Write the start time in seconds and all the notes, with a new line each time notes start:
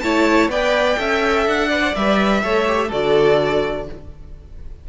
0.00 A3 E4 C#5 A5
0.48 B3 B4 D5 G5
0.96 C#4 A4 E5
1.46 D4 F#5
1.69 B4 D5
1.80 C5
1.95 G3 B4 E5
2.42 A3 A4 C#5
2.67 G4
2.88 D3 F#4 A4 D5